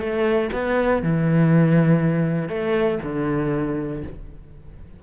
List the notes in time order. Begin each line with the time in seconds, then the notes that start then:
0.00 A3
0.53 B3
1.03 E3
2.49 A3
3.03 D3